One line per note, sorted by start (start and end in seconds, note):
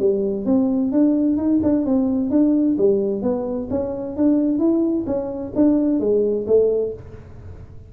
0.00 0.46 G3
0.46 0.92 C4
0.92 1.38 D4
1.38 1.61 D#4
1.63 1.86 D4
1.86 2.31 C4
2.31 2.77 D4
2.78 3.22 G3
3.22 3.69 B3
3.71 4.17 C#4
4.17 4.59 D4
4.59 5.05 E4
5.07 5.53 C#4
5.56 6.00 D4
6.00 6.46 G#3
6.47 6.93 A3